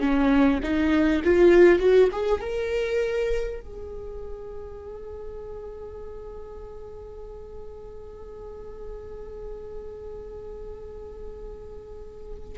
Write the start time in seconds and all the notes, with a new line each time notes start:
0.00 C#4
0.63 D#4
1.24 F4
1.79 F#4
2.12 G#4
2.41 A#4
3.61 G#4